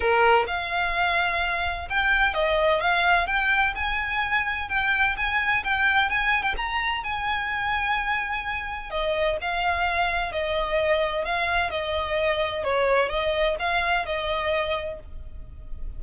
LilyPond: \new Staff \with { instrumentName = "violin" } { \time 4/4 \tempo 4 = 128 ais'4 f''2. | g''4 dis''4 f''4 g''4 | gis''2 g''4 gis''4 | g''4 gis''8. g''16 ais''4 gis''4~ |
gis''2. dis''4 | f''2 dis''2 | f''4 dis''2 cis''4 | dis''4 f''4 dis''2 | }